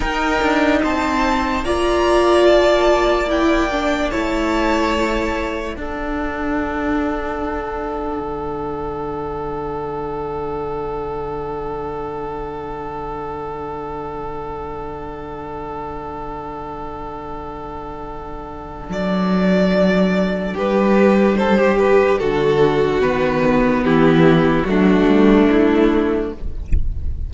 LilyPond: <<
  \new Staff \with { instrumentName = "violin" } { \time 4/4 \tempo 4 = 73 g''4 a''4 ais''4 a''4 | g''4 a''2 fis''4~ | fis''1~ | fis''1~ |
fis''1~ | fis''2. d''4~ | d''4 b'4 c''8 b'8 a'4 | b'4 g'4 fis'4 e'4 | }
  \new Staff \with { instrumentName = "violin" } { \time 4/4 ais'4 c''4 d''2~ | d''4 cis''2 a'4~ | a'1~ | a'1~ |
a'1~ | a'1~ | a'4 g'4 a'16 g'8. fis'4~ | fis'4 e'4 d'2 | }
  \new Staff \with { instrumentName = "viola" } { \time 4/4 dis'2 f'2 | e'8 d'8 e'2 d'4~ | d'1~ | d'1~ |
d'1~ | d'1~ | d'1 | b2 a2 | }
  \new Staff \with { instrumentName = "cello" } { \time 4/4 dis'8 d'8 c'4 ais2~ | ais4 a2 d'4~ | d'2 d2~ | d1~ |
d1~ | d2. fis4~ | fis4 g2 d4 | dis4 e4 fis8 g8 a4 | }
>>